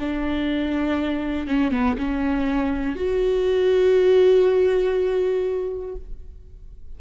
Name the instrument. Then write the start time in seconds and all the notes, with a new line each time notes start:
viola
0.00 D4
1.47 C#4
1.71 B3
1.98 C#4
2.96 F#4